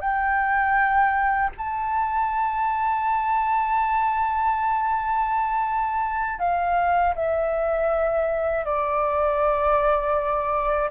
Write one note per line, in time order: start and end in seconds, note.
0.00 1.50 G5
1.57 6.39 A5
6.39 7.14 F5
7.15 8.65 E5
8.65 10.90 D5